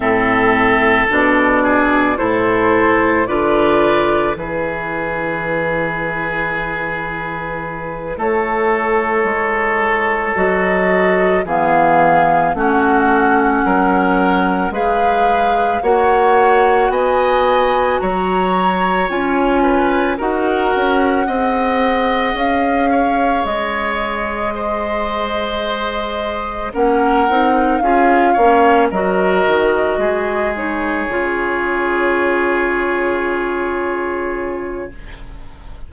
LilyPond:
<<
  \new Staff \with { instrumentName = "flute" } { \time 4/4 \tempo 4 = 55 e''4 d''4 c''4 d''4 | b'2.~ b'8 cis''8~ | cis''4. dis''4 f''4 fis''8~ | fis''4. f''4 fis''4 gis''8~ |
gis''8 ais''4 gis''4 fis''4.~ | fis''8 f''4 dis''2~ dis''8~ | dis''8 fis''4 f''4 dis''4. | cis''1 | }
  \new Staff \with { instrumentName = "oboe" } { \time 4/4 a'4. gis'8 a'4 b'4 | gis'2.~ gis'8 a'8~ | a'2~ a'8 gis'4 fis'8~ | fis'8 ais'4 b'4 cis''4 dis''8~ |
dis''8 cis''4. b'8 ais'4 dis''8~ | dis''4 cis''4. c''4.~ | c''8 ais'4 gis'8 cis''8 ais'4 gis'8~ | gis'1 | }
  \new Staff \with { instrumentName = "clarinet" } { \time 4/4 c'4 d'4 e'4 f'4 | e'1~ | e'4. fis'4 b4 cis'8~ | cis'4. gis'4 fis'4.~ |
fis'4. f'4 fis'4 gis'8~ | gis'1~ | gis'8 cis'8 dis'8 f'8 cis'8 fis'4. | dis'8 f'2.~ f'8 | }
  \new Staff \with { instrumentName = "bassoon" } { \time 4/4 a,4 b,4 a,4 d4 | e2.~ e8 a8~ | a8 gis4 fis4 e4 a8~ | a8 fis4 gis4 ais4 b8~ |
b8 fis4 cis'4 dis'8 cis'8 c'8~ | c'8 cis'4 gis2~ gis8~ | gis8 ais8 c'8 cis'8 ais8 fis8 dis8 gis8~ | gis8 cis2.~ cis8 | }
>>